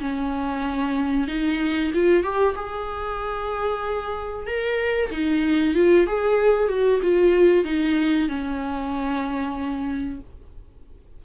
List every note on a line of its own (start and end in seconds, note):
0.00 1.28 C#4
1.28 1.91 D#4
1.94 2.23 F4
2.23 2.55 G4
2.56 4.47 G#4
4.47 5.11 A#4
5.11 5.75 D#4
5.75 6.07 F4
6.07 6.68 G#4
6.68 7.00 F#4
7.02 7.65 F4
7.65 8.28 D#4
8.29 10.20 C#4